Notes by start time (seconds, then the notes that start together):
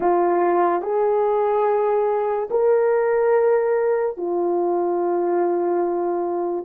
0.00 F4
0.82 G#4
2.50 A#4
4.17 F4